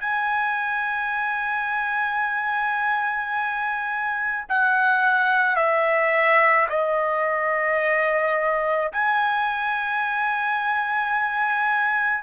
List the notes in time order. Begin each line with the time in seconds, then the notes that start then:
0.00 G#5
4.48 F#5
5.56 E5
6.69 D#5
8.92 G#5